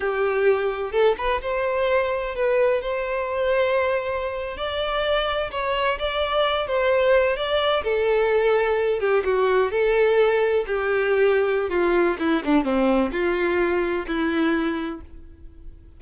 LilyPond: \new Staff \with { instrumentName = "violin" } { \time 4/4 \tempo 4 = 128 g'2 a'8 b'8 c''4~ | c''4 b'4 c''2~ | c''4.~ c''16 d''2 cis''16~ | cis''8. d''4. c''4. d''16~ |
d''8. a'2~ a'8 g'8 fis'16~ | fis'8. a'2 g'4~ g'16~ | g'4 f'4 e'8 d'8 c'4 | f'2 e'2 | }